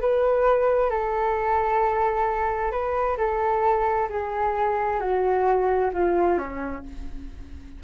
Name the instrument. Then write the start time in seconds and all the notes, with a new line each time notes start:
flute
0.00 B4
0.90 A4
2.71 B4
3.17 A4
4.09 G#4
5.00 F#4
5.93 F4
6.38 C#4